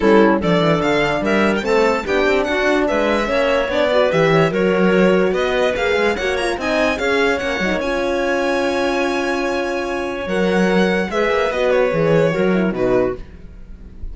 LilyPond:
<<
  \new Staff \with { instrumentName = "violin" } { \time 4/4 \tempo 4 = 146 a'4 d''4 f''4 e''8. g''16 | a''4 g''4 fis''4 e''4~ | e''4 d''4 e''4 cis''4~ | cis''4 dis''4 f''4 fis''8 ais''8 |
gis''4 f''4 fis''4 gis''4~ | gis''1~ | gis''4 fis''2 e''4 | dis''8 cis''2~ cis''8 b'4 | }
  \new Staff \with { instrumentName = "clarinet" } { \time 4/4 e'4 a'2 ais'4 | a'4 g'4 fis'4 b'4 | cis''4. b'4 cis''8 ais'4~ | ais'4 b'2 cis''4 |
dis''4 cis''2.~ | cis''1~ | cis''2. b'4~ | b'2 ais'4 fis'4 | }
  \new Staff \with { instrumentName = "horn" } { \time 4/4 cis'4 d'2. | c'4 d'2. | cis'4 d'8 fis'8 g'4 fis'4~ | fis'2 gis'4 fis'8 f'8 |
dis'4 gis'4 cis'8 dis'8 f'4~ | f'1~ | f'4 ais'2 gis'4 | fis'4 gis'4 fis'8 e'8 dis'4 | }
  \new Staff \with { instrumentName = "cello" } { \time 4/4 g4 f8 e8 d4 g4 | a4 b8 c'8 d'4 gis4 | ais4 b4 e4 fis4~ | fis4 b4 ais8 gis8 ais4 |
c'4 cis'4 ais8 fis16 ais16 cis'4~ | cis'1~ | cis'4 fis2 gis8 ais8 | b4 e4 fis4 b,4 | }
>>